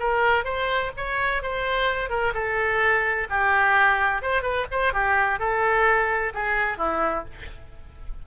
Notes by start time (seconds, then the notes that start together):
0.00 A#4
0.45 C5
0.97 C#5
1.43 C5
2.10 A#4
2.34 A4
3.30 G4
4.22 C5
4.43 B4
4.71 C5
4.93 G4
5.40 A4
6.34 G#4
6.78 E4